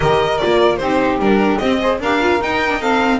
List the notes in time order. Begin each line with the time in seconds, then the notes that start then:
0.00 D#3 G4 A#4 D#5
0.38 F4 D5
0.44 A#3
0.77 C4 D#4 G4 C5
1.18 G3 D4 A#4
1.58 C4 D#5
1.80 G#4 C5
1.99 D4 G4 A#4 F5
2.20 F4
2.40 D#4 G5
2.69 D4
2.79 C4 A4 F5